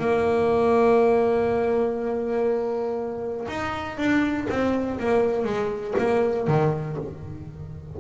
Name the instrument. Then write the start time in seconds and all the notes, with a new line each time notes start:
double bass
0.00 A#3
3.48 D#4
3.98 D4
4.50 C4
5.00 A#3
5.45 G#3
5.99 A#3
6.48 D#3